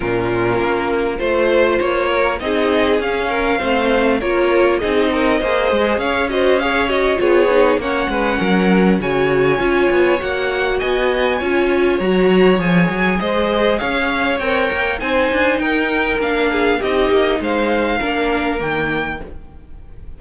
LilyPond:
<<
  \new Staff \with { instrumentName = "violin" } { \time 4/4 \tempo 4 = 100 ais'2 c''4 cis''4 | dis''4 f''2 cis''4 | dis''2 f''8 dis''8 f''8 dis''8 | cis''4 fis''2 gis''4~ |
gis''4 fis''4 gis''2 | ais''4 gis''4 dis''4 f''4 | g''4 gis''4 g''4 f''4 | dis''4 f''2 g''4 | }
  \new Staff \with { instrumentName = "violin" } { \time 4/4 f'2 c''4. ais'8 | gis'4. ais'8 c''4 ais'4 | gis'8 ais'8 c''4 cis''8 c''8 cis''4 | gis'4 cis''8 b'8 ais'4 cis''4~ |
cis''2 dis''4 cis''4~ | cis''2 c''4 cis''4~ | cis''4 c''4 ais'4. gis'8 | g'4 c''4 ais'2 | }
  \new Staff \with { instrumentName = "viola" } { \time 4/4 cis'2 f'2 | dis'4 cis'4 c'4 f'4 | dis'4 gis'4. fis'8 gis'8 fis'8 | f'8 dis'8 cis'2 fis'4 |
f'4 fis'2 f'4 | fis'4 gis'2. | ais'4 dis'2 d'4 | dis'2 d'4 ais4 | }
  \new Staff \with { instrumentName = "cello" } { \time 4/4 ais,4 ais4 a4 ais4 | c'4 cis'4 a4 ais4 | c'4 ais8 gis8 cis'2 | b4 ais8 gis8 fis4 cis4 |
cis'8 b8 ais4 b4 cis'4 | fis4 f8 fis8 gis4 cis'4 | c'8 ais8 c'8 d'8 dis'4 ais4 | c'8 ais8 gis4 ais4 dis4 | }
>>